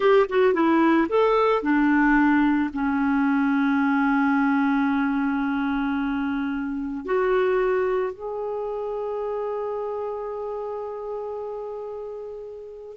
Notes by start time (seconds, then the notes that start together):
0.00 G4
0.29 F#4
0.53 E4
1.08 A4
1.62 D4
2.73 C#4
7.05 F#4
8.13 G#4